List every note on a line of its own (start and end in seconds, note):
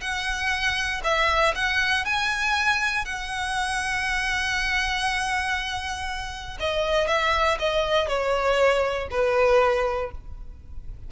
0.00 1.01 F#5
1.04 1.54 E5
1.55 2.05 F#5
2.05 3.05 G#5
3.05 6.58 F#5
6.59 7.07 D#5
7.07 7.57 E5
7.59 8.07 D#5
8.07 9.08 C#5
9.10 10.11 B4